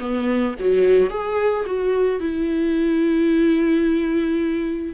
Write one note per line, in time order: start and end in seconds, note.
0.00 0.55 B3
0.60 1.10 F#3
1.10 1.65 G#4
1.66 2.20 F#4
2.20 4.94 E4